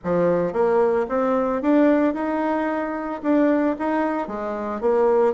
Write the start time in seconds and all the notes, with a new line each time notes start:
0.04 F3
0.53 A#3
1.08 C4
1.62 D4
2.14 D#4
3.22 D4
3.78 D#4
4.27 G#3
4.81 A#3